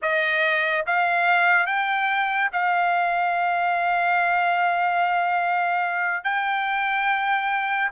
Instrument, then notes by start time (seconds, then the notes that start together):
trumpet
0.02 D#5
0.86 F5
1.66 G5
2.52 F5
6.23 G5